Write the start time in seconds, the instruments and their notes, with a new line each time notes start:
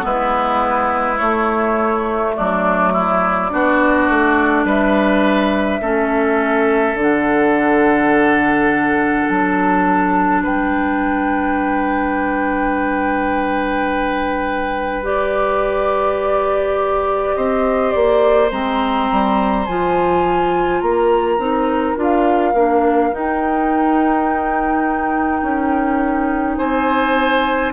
0.00 bassoon G#3, clarinet B3, oboe E4, flute B4
1.18 clarinet A3, bassoon A3, flute C#5
2.35 bassoon F#3, oboe D4, flute D5
2.92 oboe E4
3.50 bassoon B3, clarinet D4, oboe F#4
4.09 bassoon A3
4.64 bassoon G3, oboe B4, flute E5
5.81 bassoon A3, clarinet C#4, oboe A4
6.94 bassoon D3, clarinet D4
7.01 flute F#5
9.28 bassoon F#3, flute A5
10.43 bassoon G3, oboe B4, flute G5
15.03 clarinet G4, flute D5
17.35 bassoon C4, oboe C5, flute D#5
17.92 bassoon A#3, flute D5
18.51 bassoon G#3, clarinet C4, flute A#5
19.11 bassoon G3
19.66 bassoon F3, clarinet F4, flute G#5
20.81 bassoon A#3, oboe A#4, flute A#5
21.38 bassoon C4, clarinet D#4
21.96 bassoon D4, clarinet F4
22.02 flute F5
22.53 bassoon A#3, clarinet D4
23.12 clarinet D#4, bassoon D#4, flute G5
25.42 bassoon C#4
26.57 bassoon C4, oboe C5, flute G#5